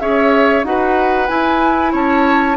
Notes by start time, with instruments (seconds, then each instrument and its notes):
0.00 bassoon C#4, clarinet G#4, oboe C#5, flute E5
0.64 bassoon D#4, clarinet F#4, oboe B4, flute F#5
1.28 clarinet E4, bassoon E4, flute G#5
1.92 bassoon C#4, oboe C#5, flute A5